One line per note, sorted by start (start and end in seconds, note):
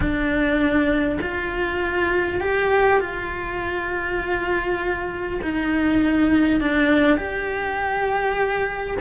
0.00 1.18 D4
1.21 2.40 F4
2.40 3.00 G4
3.00 5.40 F4
5.42 6.60 D#4
6.60 7.17 D4
7.17 8.97 G4